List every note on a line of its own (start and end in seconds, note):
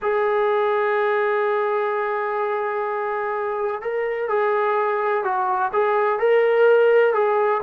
0.02 3.81 G#4
3.81 4.28 A#4
4.28 5.24 G#4
5.24 5.71 F#4
5.73 6.19 G#4
6.19 7.13 A#4
7.13 7.61 G#4